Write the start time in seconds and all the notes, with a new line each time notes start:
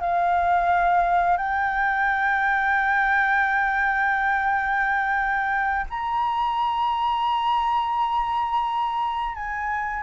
0.00 F5
1.37 G5
5.90 A#5
9.34 G#5